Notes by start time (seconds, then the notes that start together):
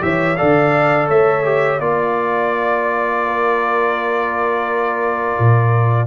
0.00 E3 G4 C#5 E5
0.36 D3 A4 D5 F5
1.08 A3 C#5 E5
1.44 G4
1.79 A#3 F4 D5
3.25 A#4
5.39 A#2